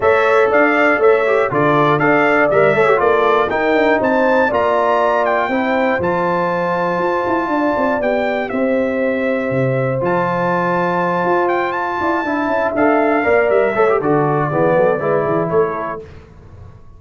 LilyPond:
<<
  \new Staff \with { instrumentName = "trumpet" } { \time 4/4 \tempo 4 = 120 e''4 f''4 e''4 d''4 | f''4 e''4 d''4 g''4 | a''4 ais''4. g''4. | a''1 |
g''4 e''2. | a''2. g''8 a''8~ | a''4. f''4. e''4 | d''2. cis''4 | }
  \new Staff \with { instrumentName = "horn" } { \time 4/4 cis''4 d''4 cis''4 a'4 | d''4. cis''8 a'4 ais'4 | c''4 d''2 c''4~ | c''2. d''4~ |
d''4 c''2.~ | c''1 | d''8 e''2 d''4 cis''8 | a'4 gis'8 a'8 b'8 gis'8 a'4 | }
  \new Staff \with { instrumentName = "trombone" } { \time 4/4 a'2~ a'8 g'8 f'4 | a'4 ais'8 a'16 g'16 f'4 dis'4~ | dis'4 f'2 e'4 | f'1 |
g'1 | f'1~ | f'8 e'4 a'4 ais'4 a'16 g'16 | fis'4 b4 e'2 | }
  \new Staff \with { instrumentName = "tuba" } { \time 4/4 a4 d'4 a4 d4 | d'4 g8 a8 ais4 dis'8 d'8 | c'4 ais2 c'4 | f2 f'8 e'8 d'8 c'8 |
b4 c'2 c4 | f2~ f8 f'4. | e'8 d'8 cis'8 d'4 ais8 g8 a8 | d4 e8 fis8 gis8 e8 a4 | }
>>